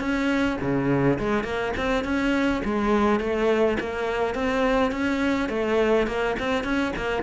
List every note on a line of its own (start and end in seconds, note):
0.00 0.58 C#4
0.61 1.19 C#3
1.19 1.44 G#3
1.44 1.73 A#3
1.77 2.05 C4
2.05 2.62 C#4
2.65 3.20 G#3
3.20 3.78 A3
3.80 4.35 A#3
4.35 4.92 C4
4.92 5.49 C#4
5.49 6.07 A3
6.07 6.36 A#3
6.40 6.64 C4
6.64 6.93 C#4
6.97 7.23 A#3